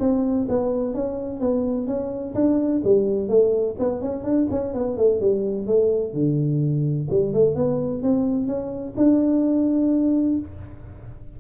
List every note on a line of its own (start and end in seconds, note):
0.00 0.47 C4
0.49 0.95 B3
0.95 1.41 C#4
1.41 1.87 B3
1.87 2.35 C#4
2.35 2.82 D4
2.85 3.29 G3
3.29 3.76 A3
3.79 4.02 B3
4.02 4.24 C#4
4.24 4.48 D4
4.51 4.74 C#4
4.74 4.97 B3
4.97 5.21 A3
5.21 5.67 G3
5.67 6.14 A3
6.14 7.08 D3
7.11 7.34 G3
7.34 7.56 A3
7.56 8.03 B3
8.03 8.47 C4
8.47 8.95 C#4
8.97 10.39 D4